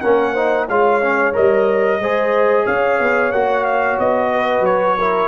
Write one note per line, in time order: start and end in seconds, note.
0.00 0.67 A#3
0.00 0.35 C#4
0.00 0.33 A#4
0.00 0.66 F#5
0.33 0.68 D#4
0.33 0.66 C5
0.67 1.33 G#3
0.67 1.02 F4
0.67 2.00 C#5
0.67 1.34 F5
1.02 1.33 C#4
1.33 1.99 G3
1.33 1.99 A#4
1.33 2.66 D#5
1.99 2.65 G#3
1.99 3.33 G#4
1.99 2.65 C5
2.65 2.99 C#4
2.65 4.30 C#5
2.65 3.32 F5
2.99 3.31 B3
3.31 3.97 A#3
3.31 4.98 F#4
3.31 3.64 F#5
3.64 3.97 F5
3.98 4.60 B3
3.98 4.65 D#5
4.31 4.97 B4
4.60 5.26 F#3
4.60 5.28 C#5
4.97 5.28 E4
4.97 5.28 A#4